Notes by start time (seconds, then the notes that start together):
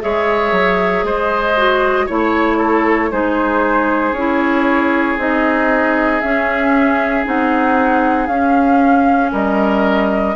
0.00 G#3 G#4 C#5 E5
0.52 F#3
1.03 G#3 C5 D#5
1.57 F#4
2.06 A3 E4 C#5
2.57 A4
3.11 G#3 D#4 G#4 C5
4.12 C#4 E4 C#5
5.17 C4 D#4 D#5
6.21 C#4 E5
7.25 C4 D#4 F#5
8.27 C#4 F5
9.31 G3 A#4 D#5